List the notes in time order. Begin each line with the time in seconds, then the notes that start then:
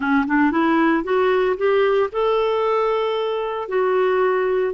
0.00 C#4
0.27 D4
0.51 E4
1.03 F#4
1.57 G4
2.11 A4
3.68 F#4